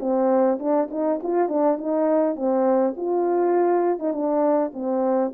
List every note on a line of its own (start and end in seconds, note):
0.00 0.59 C4
0.60 0.89 D4
0.91 1.20 D#4
1.23 1.49 F4
1.49 1.78 D4
1.78 2.36 D#4
2.36 2.95 C4
2.97 3.99 F4
3.99 4.13 D#4
4.13 4.72 D4
4.74 5.32 C4